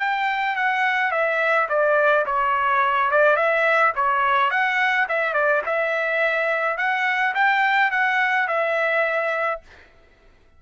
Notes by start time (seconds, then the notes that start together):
0.00 G5
0.56 F#5
1.12 E5
1.69 D5
2.26 C#5
3.11 D5
3.37 E5
3.96 C#5
4.51 F#5
5.09 E5
5.34 D5
5.66 E5
6.78 F#5
7.35 G5
7.91 F#5
8.48 E5